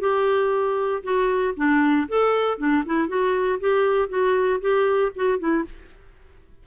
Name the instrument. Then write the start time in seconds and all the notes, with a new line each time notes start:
clarinet
0.00 G4
1.03 F#4
1.56 D4
2.08 A4
2.58 D4
2.86 E4
3.08 F#4
3.60 G4
4.09 F#4
4.60 G4
5.15 F#4
5.38 E4